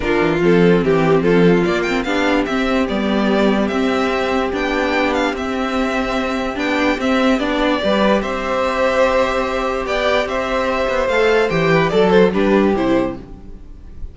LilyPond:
<<
  \new Staff \with { instrumentName = "violin" } { \time 4/4 \tempo 4 = 146 ais'4 a'4 g'4 a'4 | d''8 g''8 f''4 e''4 d''4~ | d''4 e''2 g''4~ | g''8 f''8 e''2. |
g''4 e''4 d''2 | e''1 | g''4 e''2 f''4 | g''4 d''8 c''8 b'4 c''4 | }
  \new Staff \with { instrumentName = "violin" } { \time 4/4 f'2 g'4 f'4~ | f'4 g'2.~ | g'1~ | g'1~ |
g'2. b'4 | c''1 | d''4 c''2.~ | c''8 b'8 a'4 g'2 | }
  \new Staff \with { instrumentName = "viola" } { \time 4/4 d'4 c'2. | ais8 c'8 d'4 c'4 b4~ | b4 c'2 d'4~ | d'4 c'2. |
d'4 c'4 d'4 g'4~ | g'1~ | g'2. a'4 | g'4 a'4 d'4 e'4 | }
  \new Staff \with { instrumentName = "cello" } { \time 4/4 d8 e8 f4 e4 f4 | ais4 b4 c'4 g4~ | g4 c'2 b4~ | b4 c'2. |
b4 c'4 b4 g4 | c'1 | b4 c'4. b8 a4 | e4 fis4 g4 c4 | }
>>